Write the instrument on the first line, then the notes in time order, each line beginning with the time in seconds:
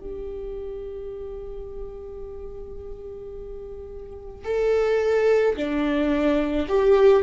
viola
0.00 G4
4.44 A4
5.56 D4
6.68 G4